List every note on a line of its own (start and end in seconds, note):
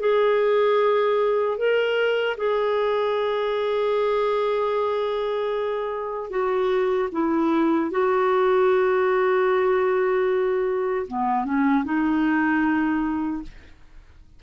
0.00 1.57 G#4
1.57 2.36 A#4
2.37 6.30 G#4
6.30 7.09 F#4
7.12 7.91 E4
7.91 11.06 F#4
11.07 11.44 B3
11.44 11.84 C#4
11.84 13.42 D#4